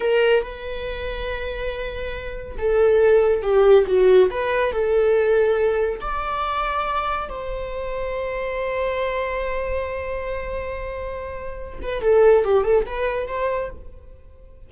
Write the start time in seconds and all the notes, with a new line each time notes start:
0.00 A#4
0.43 B4
2.58 A4
3.42 G4
3.86 F#4
4.30 B4
4.71 A4
6.00 D5
7.29 C5
11.82 B4
12.01 A4
12.44 G4
12.64 A4
12.86 B4
13.27 C5